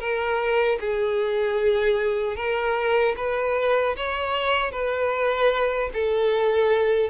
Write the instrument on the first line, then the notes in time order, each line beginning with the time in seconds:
violin
0.00 A#4
0.80 G#4
2.36 A#4
3.17 B4
3.97 C#5
4.72 B4
5.94 A4